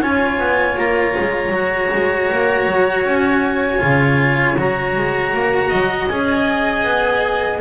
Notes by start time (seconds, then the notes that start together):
0.00 C#4 F4 C#5 G#5
0.38 B3
0.77 A#3 A#5
1.19 G#3
1.49 F#3 F#4
1.92 G#3
2.31 A#3
2.66 F#3
3.04 C#4 G#5
3.78 C#3 F4
4.58 F#3 F#4 A#5
4.96 G#3
5.33 A#3
5.69 F#3 D#5
6.08 C#4 G#4 G#5
6.84 B3